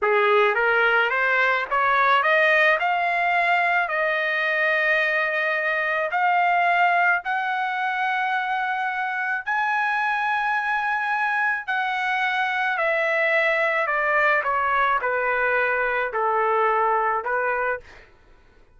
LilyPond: \new Staff \with { instrumentName = "trumpet" } { \time 4/4 \tempo 4 = 108 gis'4 ais'4 c''4 cis''4 | dis''4 f''2 dis''4~ | dis''2. f''4~ | f''4 fis''2.~ |
fis''4 gis''2.~ | gis''4 fis''2 e''4~ | e''4 d''4 cis''4 b'4~ | b'4 a'2 b'4 | }